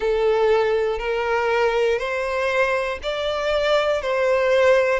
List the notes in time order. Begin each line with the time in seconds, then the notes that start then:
0.00 A4
0.99 A#4
1.98 C5
3.02 D5
4.01 C5